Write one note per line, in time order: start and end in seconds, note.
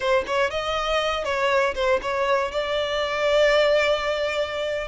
0.00 0.24 C5
0.26 0.50 C#5
0.50 1.24 D#5
1.24 1.74 C#5
1.75 2.00 C5
2.02 2.51 C#5
2.51 4.88 D5